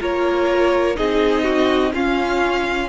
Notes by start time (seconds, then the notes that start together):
0.00 A#3 F4 A#4 C#5
0.96 C4 D#4 G#4 D#5
1.44 F#4
1.93 C#4 F4 F5